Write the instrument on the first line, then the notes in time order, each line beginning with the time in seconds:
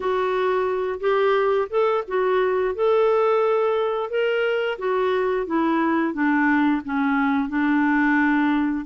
clarinet
0.00 F#4
0.99 G4
1.69 A4
2.07 F#4
2.74 A4
4.09 A#4
4.78 F#4
5.46 E4
6.13 D4
6.84 C#4
7.48 D4